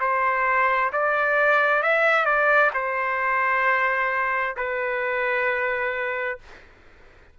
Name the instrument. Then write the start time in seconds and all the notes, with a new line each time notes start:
trumpet
0.00 C5
0.93 D5
1.82 E5
2.25 D5
2.74 C5
4.57 B4